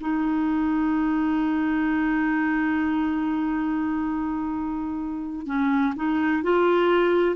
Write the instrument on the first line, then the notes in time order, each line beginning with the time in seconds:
clarinet
0.00 D#4
5.46 C#4
5.96 D#4
6.43 F4